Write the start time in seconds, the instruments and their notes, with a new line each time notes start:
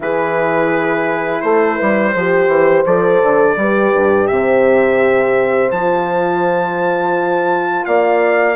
0.00 bassoon E3, horn E4 G#4, trumpet B4
1.41 bassoon A3, horn A4, trumpet C5
1.76 bassoon G3, horn B4
2.13 bassoon F3, horn G4 C5
2.47 bassoon E3
2.85 bassoon F3, horn A4, trumpet D5
3.22 bassoon D3
3.56 bassoon G3, horn G4 B4
3.94 bassoon G2
4.27 bassoon C3, horn C5, trumpet E5
5.71 bassoon F3, horn F4, trumpet A5
7.85 bassoon A#3, horn D5, trumpet F5